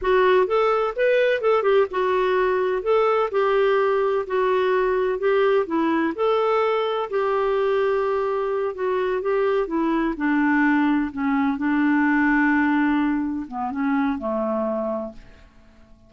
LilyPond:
\new Staff \with { instrumentName = "clarinet" } { \time 4/4 \tempo 4 = 127 fis'4 a'4 b'4 a'8 g'8 | fis'2 a'4 g'4~ | g'4 fis'2 g'4 | e'4 a'2 g'4~ |
g'2~ g'8 fis'4 g'8~ | g'8 e'4 d'2 cis'8~ | cis'8 d'2.~ d'8~ | d'8 b8 cis'4 a2 | }